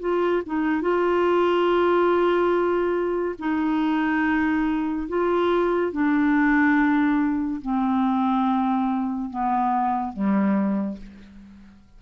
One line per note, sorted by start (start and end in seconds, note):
0.00 0.42 F4
0.46 0.81 D#4
0.81 3.35 F4
3.39 5.08 D#4
5.09 5.92 F4
5.92 7.61 D4
7.61 9.30 C4
9.30 10.13 B3
10.13 10.97 G3